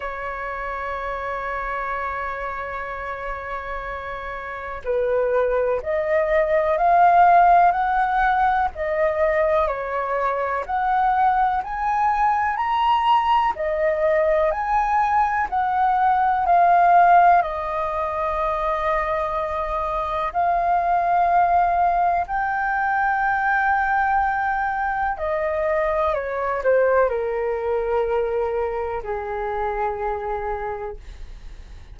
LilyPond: \new Staff \with { instrumentName = "flute" } { \time 4/4 \tempo 4 = 62 cis''1~ | cis''4 b'4 dis''4 f''4 | fis''4 dis''4 cis''4 fis''4 | gis''4 ais''4 dis''4 gis''4 |
fis''4 f''4 dis''2~ | dis''4 f''2 g''4~ | g''2 dis''4 cis''8 c''8 | ais'2 gis'2 | }